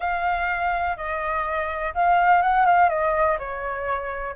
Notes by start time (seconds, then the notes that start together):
0.00 F5
0.96 D#5
1.94 F5
2.42 F#5
2.65 F5
2.89 D#5
3.38 C#5